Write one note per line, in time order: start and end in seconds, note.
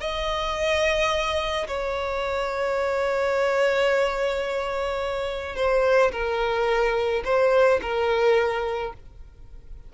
0.00 1.67 D#5
1.67 5.56 C#5
5.56 6.11 C5
6.12 7.23 A#4
7.24 7.80 C5
7.82 8.93 A#4